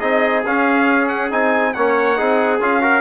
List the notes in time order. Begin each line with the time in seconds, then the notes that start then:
0.00 C4 D#4 G#4 D#5
0.46 C#4 F5
1.08 F#5
1.31 C4 D#4 G#5
1.74 A#3 C#4 C#5 F#5
2.16 C4 D#4 G#4
2.60 C#4 F4 F5
2.81 F#4 A#4